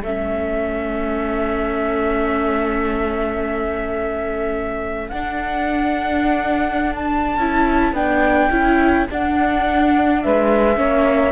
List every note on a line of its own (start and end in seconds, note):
0.00 5.11 A3
0.00 5.12 C#4
0.00 10.19 A4
0.00 5.09 E5
5.09 7.37 D4
5.09 7.39 D4
5.09 6.93 F#5
6.95 7.94 A5
7.37 7.93 C#4
7.37 7.95 E4
7.93 8.49 B3
7.93 8.51 D4
7.93 9.07 G5
8.50 9.07 C#4
8.50 9.07 E4
9.10 10.76 D4
9.10 10.24 D4
9.10 10.22 F#5
10.22 10.77 G#3
10.22 10.77 B4
10.22 11.32 E5
10.76 11.32 A#3
10.76 11.32 C#4
10.76 11.32 C#5